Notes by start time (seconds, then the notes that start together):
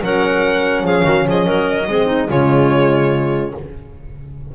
0.00 F#3 C#4 A#4 F#5
0.82 F3 G#4 F5
1.03 D#3 F#4
1.25 F3 G#4 D#5
1.45 F#3 A#4
1.87 G#3 C4 G#4
2.05 D#4
2.28 C#3 G#3 F4 C#5